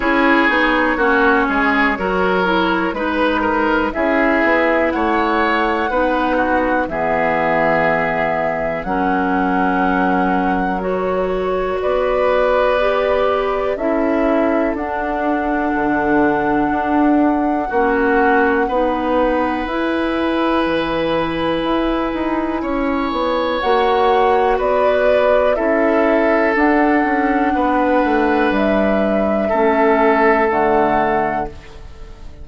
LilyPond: <<
  \new Staff \with { instrumentName = "flute" } { \time 4/4 \tempo 4 = 61 cis''2. b'4 | e''4 fis''2 e''4~ | e''4 fis''2 cis''4 | d''2 e''4 fis''4~ |
fis''1 | gis''1 | fis''4 d''4 e''4 fis''4~ | fis''4 e''2 fis''4 | }
  \new Staff \with { instrumentName = "oboe" } { \time 4/4 gis'4 fis'8 gis'8 ais'4 b'8 ais'8 | gis'4 cis''4 b'8 fis'8 gis'4~ | gis'4 ais'2. | b'2 a'2~ |
a'2 fis'4 b'4~ | b'2. cis''4~ | cis''4 b'4 a'2 | b'2 a'2 | }
  \new Staff \with { instrumentName = "clarinet" } { \time 4/4 e'8 dis'8 cis'4 fis'8 e'8 dis'4 | e'2 dis'4 b4~ | b4 cis'2 fis'4~ | fis'4 g'4 e'4 d'4~ |
d'2 cis'4 dis'4 | e'1 | fis'2 e'4 d'4~ | d'2 cis'4 a4 | }
  \new Staff \with { instrumentName = "bassoon" } { \time 4/4 cis'8 b8 ais8 gis8 fis4 gis4 | cis'8 b8 a4 b4 e4~ | e4 fis2. | b2 cis'4 d'4 |
d4 d'4 ais4 b4 | e'4 e4 e'8 dis'8 cis'8 b8 | ais4 b4 cis'4 d'8 cis'8 | b8 a8 g4 a4 d4 | }
>>